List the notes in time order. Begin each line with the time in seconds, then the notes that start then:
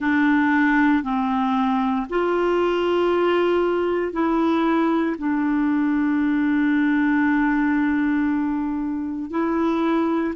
0.00 D4
1.03 C4
2.09 F4
4.12 E4
5.17 D4
9.30 E4